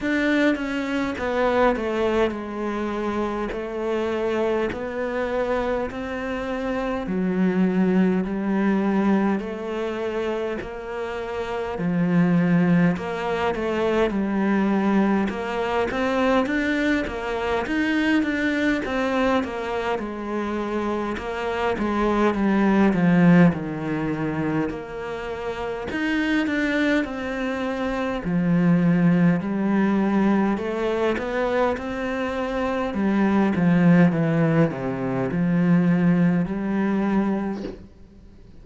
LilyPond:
\new Staff \with { instrumentName = "cello" } { \time 4/4 \tempo 4 = 51 d'8 cis'8 b8 a8 gis4 a4 | b4 c'4 fis4 g4 | a4 ais4 f4 ais8 a8 | g4 ais8 c'8 d'8 ais8 dis'8 d'8 |
c'8 ais8 gis4 ais8 gis8 g8 f8 | dis4 ais4 dis'8 d'8 c'4 | f4 g4 a8 b8 c'4 | g8 f8 e8 c8 f4 g4 | }